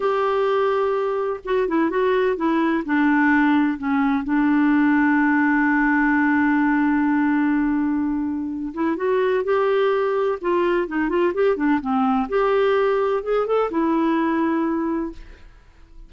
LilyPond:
\new Staff \with { instrumentName = "clarinet" } { \time 4/4 \tempo 4 = 127 g'2. fis'8 e'8 | fis'4 e'4 d'2 | cis'4 d'2.~ | d'1~ |
d'2~ d'8 e'8 fis'4 | g'2 f'4 dis'8 f'8 | g'8 d'8 c'4 g'2 | gis'8 a'8 e'2. | }